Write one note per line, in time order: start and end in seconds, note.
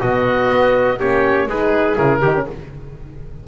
0.00 0.50 B2
0.00 1.00 B3
0.00 0.99 F#4
0.00 1.00 D#5
0.50 1.00 B3
1.00 1.47 A#3
1.00 1.49 C#4
1.00 1.49 G4
1.00 1.49 C#5
1.47 1.97 G#3
1.47 1.96 D#4
1.47 2.22 G#4
1.47 1.97 B4
1.96 2.23 C#3
1.96 2.21 E4
1.96 2.47 A#4
2.22 2.48 D#3
2.22 2.35 D#4
2.22 2.46 G4
2.35 2.48 C#4